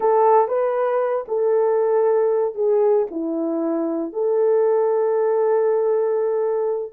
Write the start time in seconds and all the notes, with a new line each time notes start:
0.00 A4
0.48 B4
1.28 A4
2.55 G#4
3.10 E4
4.12 A4